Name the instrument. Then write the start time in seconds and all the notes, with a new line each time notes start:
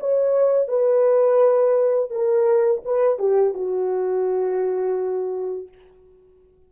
horn
0.00 C#5
0.68 B4
2.10 A#4
2.84 B4
3.19 G4
3.54 F#4